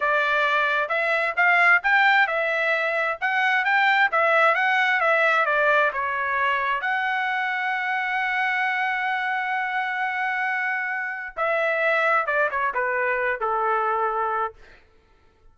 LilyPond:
\new Staff \with { instrumentName = "trumpet" } { \time 4/4 \tempo 4 = 132 d''2 e''4 f''4 | g''4 e''2 fis''4 | g''4 e''4 fis''4 e''4 | d''4 cis''2 fis''4~ |
fis''1~ | fis''1~ | fis''4 e''2 d''8 cis''8 | b'4. a'2~ a'8 | }